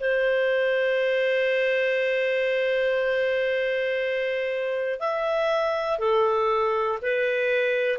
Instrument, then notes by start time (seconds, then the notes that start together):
clarinet
0.00 C5
5.00 E5
5.98 A4
7.02 B4